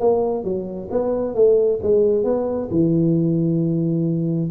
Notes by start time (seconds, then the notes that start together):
0.00 A#3
0.44 F#3
0.91 B3
1.35 A3
1.83 G#3
2.24 B3
2.71 E3